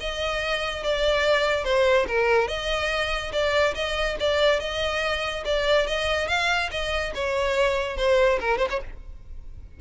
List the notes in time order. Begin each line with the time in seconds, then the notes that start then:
0.00 D#5
0.83 D5
1.64 C5
2.08 A#4
2.48 D#5
3.32 D5
3.74 D#5
4.19 D5
4.59 D#5
5.45 D5
5.87 D#5
6.27 F5
6.71 D#5
7.14 C#5
7.97 C5
8.40 A#4
8.58 C5
8.70 C#5